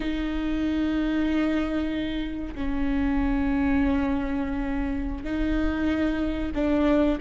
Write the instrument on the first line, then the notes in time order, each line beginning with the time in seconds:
viola
0.00 D#4
2.54 C#4
5.23 D#4
6.54 D4